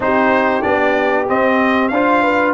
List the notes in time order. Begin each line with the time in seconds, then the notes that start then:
0.00 C4 D#4 G4 C5
0.61 B3 D4 D5
1.28 C4 D#5
1.88 D4 F4 C5 F5
2.23 B4